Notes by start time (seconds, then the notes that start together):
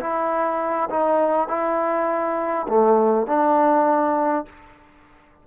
0.00 E4
0.90 D#4
1.48 E4
2.68 A3
3.27 D4